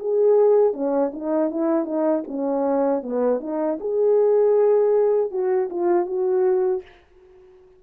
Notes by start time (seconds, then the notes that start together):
0.00 G#4
0.74 C#4
1.14 D#4
1.51 E4
1.85 D#4
2.28 C#4
3.03 B3
3.41 D#4
3.81 G#4
5.31 F#4
5.70 F4
6.07 F#4